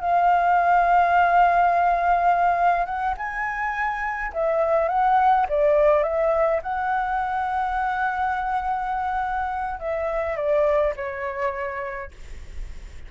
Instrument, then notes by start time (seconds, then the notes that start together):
flute
0.00 F5
2.85 F#5
3.17 G#5
4.33 E5
4.88 F#5
5.48 D5
6.03 E5
6.62 F#5
9.79 E5
10.36 D5
10.96 C#5